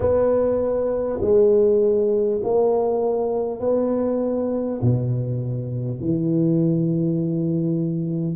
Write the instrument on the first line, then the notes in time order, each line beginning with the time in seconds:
tuba
0.00 B3
1.21 G#3
2.43 A#3
3.60 B3
4.81 B2
5.99 E3